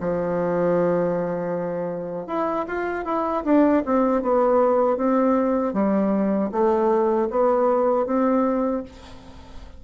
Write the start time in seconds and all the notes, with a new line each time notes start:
0.00 F3
2.27 E4
2.67 F4
3.05 E4
3.44 D4
3.85 C4
4.22 B3
4.97 C4
5.73 G3
6.51 A3
7.30 B3
8.06 C4